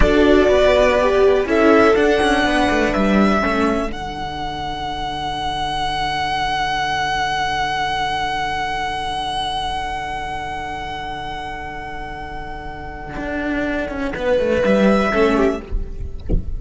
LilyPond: <<
  \new Staff \with { instrumentName = "violin" } { \time 4/4 \tempo 4 = 123 d''2. e''4 | fis''2 e''2 | fis''1~ | fis''1~ |
fis''1~ | fis''1~ | fis''1~ | fis''2 e''2 | }
  \new Staff \with { instrumentName = "violin" } { \time 4/4 a'4 b'2 a'4~ | a'4 b'2 a'4~ | a'1~ | a'1~ |
a'1~ | a'1~ | a'1~ | a'4 b'2 a'8 g'8 | }
  \new Staff \with { instrumentName = "viola" } { \time 4/4 fis'2 g'4 e'4 | d'2. cis'4 | d'1~ | d'1~ |
d'1~ | d'1~ | d'1~ | d'2. cis'4 | }
  \new Staff \with { instrumentName = "cello" } { \time 4/4 d'4 b2 cis'4 | d'8 cis'8 b8 a8 g4 a4 | d1~ | d1~ |
d1~ | d1~ | d2. d'4~ | d'8 cis'8 b8 a8 g4 a4 | }
>>